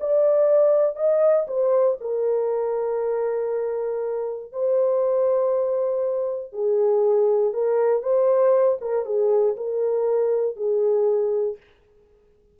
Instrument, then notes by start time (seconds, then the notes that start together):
horn
0.00 D5
0.96 D#5
1.47 C5
2.00 A#4
4.52 C5
6.52 G#4
7.53 A#4
8.02 C5
8.81 A#4
9.05 G#4
9.57 A#4
10.56 G#4